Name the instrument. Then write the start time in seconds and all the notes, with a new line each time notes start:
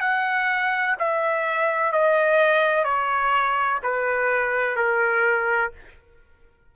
trumpet
0.00 F#5
0.99 E5
1.92 D#5
2.84 C#5
3.83 B4
4.76 A#4